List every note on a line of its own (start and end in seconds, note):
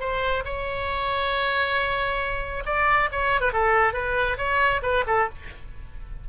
0.00 0.44 C5
0.45 2.64 C#5
2.66 3.10 D5
3.12 3.41 C#5
3.41 3.52 B4
3.53 3.93 A4
3.93 4.37 B4
4.38 4.81 C#5
4.83 5.04 B4
5.07 5.29 A4